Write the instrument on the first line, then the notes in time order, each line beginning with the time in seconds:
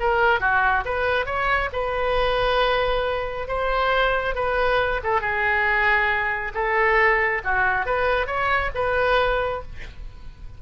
oboe
0.00 A#4
0.41 F#4
0.85 B4
1.26 C#5
1.73 B4
3.48 C5
4.36 B4
5.04 A4
5.21 G#4
6.55 A4
7.45 F#4
7.86 B4
8.27 C#5
8.75 B4